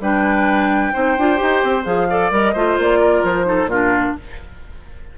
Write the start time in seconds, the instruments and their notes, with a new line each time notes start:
0.00 bassoon G3, clarinet D4, oboe B4, flute G5
0.93 bassoon C4, clarinet D#4, oboe C5
1.17 bassoon D4, clarinet F4
1.36 bassoon D#4, clarinet G4
1.63 bassoon C4
1.84 bassoon F3, clarinet G#4, flute F5
2.10 clarinet A4, oboe D5
2.31 bassoon G3, clarinet A#4, flute D#5
2.53 bassoon A3, clarinet F4, oboe C5
2.78 bassoon A#3, flute D5
2.99 oboe A#4
3.23 bassoon F3, flute C5
3.44 clarinet D#4, oboe A4
3.65 bassoon A#2, oboe F4, flute A#4
3.72 clarinet D4